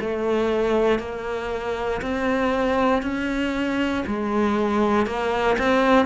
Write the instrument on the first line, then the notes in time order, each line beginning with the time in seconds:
cello
0.00 A3
0.99 A#3
2.01 C4
3.02 C#4
4.06 G#3
5.06 A#3
5.58 C4